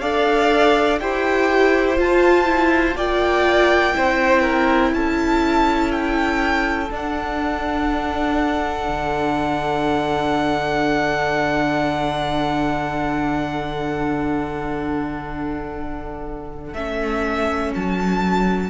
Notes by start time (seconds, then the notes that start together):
0.00 D4 A4 D5 F5
0.99 E4 G4 C5 G5
1.97 F4 A5
2.45 E4
2.95 A#3 F4 D5 G5
3.93 C4 E4 C5
4.42 A#4
4.93 C#4 A4 A5
5.91 G5
6.90 D4 F#5
8.87 D3
16.73 A3 C#4 E5
17.75 F#3 A5